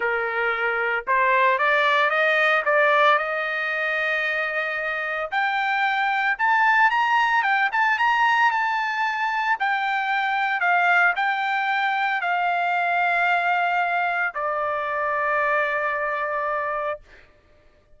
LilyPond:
\new Staff \with { instrumentName = "trumpet" } { \time 4/4 \tempo 4 = 113 ais'2 c''4 d''4 | dis''4 d''4 dis''2~ | dis''2 g''2 | a''4 ais''4 g''8 a''8 ais''4 |
a''2 g''2 | f''4 g''2 f''4~ | f''2. d''4~ | d''1 | }